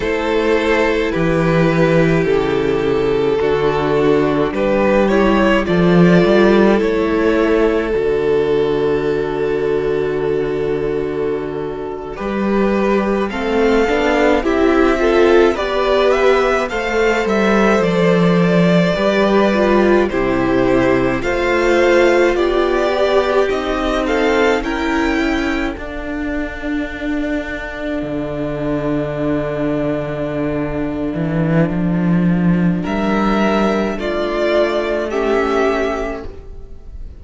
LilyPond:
<<
  \new Staff \with { instrumentName = "violin" } { \time 4/4 \tempo 4 = 53 c''4 b'4 a'2 | b'8 cis''8 d''4 cis''4 d''4~ | d''2.~ d''8. f''16~ | f''8. e''4 d''8 e''8 f''8 e''8 d''16~ |
d''4.~ d''16 c''4 f''4 d''16~ | d''8. dis''8 f''8 g''4 f''4~ f''16~ | f''1~ | f''4 e''4 d''4 e''4 | }
  \new Staff \with { instrumentName = "violin" } { \time 4/4 a'4 g'2 fis'4 | g'4 a'2.~ | a'2~ a'8. b'4 a'16~ | a'8. g'8 a'8 b'4 c''4~ c''16~ |
c''8. b'4 g'4 c''4 g'16~ | g'4~ g'16 a'8 ais'8 a'4.~ a'16~ | a'1~ | a'4 ais'4 f'4 g'4 | }
  \new Staff \with { instrumentName = "viola" } { \time 4/4 e'2. d'4~ | d'8 e'8 f'4 e'4 fis'4~ | fis'2~ fis'8. g'4 c'16~ | c'16 d'8 e'8 f'8 g'4 a'4~ a'16~ |
a'8. g'8 f'8 e'4 f'4~ f'16~ | f'16 g'8 dis'4 e'4 d'4~ d'16~ | d'1~ | d'2. cis'4 | }
  \new Staff \with { instrumentName = "cello" } { \time 4/4 a4 e4 cis4 d4 | g4 f8 g8 a4 d4~ | d2~ d8. g4 a16~ | a16 b8 c'4 b4 a8 g8 f16~ |
f8. g4 c4 a4 b16~ | b8. c'4 cis'4 d'4~ d'16~ | d'8. d2~ d8. e8 | f4 g4 a2 | }
>>